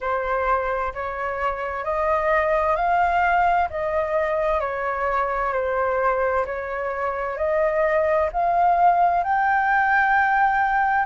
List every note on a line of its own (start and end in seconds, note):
0.00 0.93 C5
0.94 1.84 C#5
1.84 2.76 D#5
2.76 3.68 F5
3.69 4.60 D#5
4.60 5.52 C#5
5.53 6.45 C5
6.45 7.37 C#5
7.37 8.29 D#5
8.32 9.23 F5
9.23 11.05 G5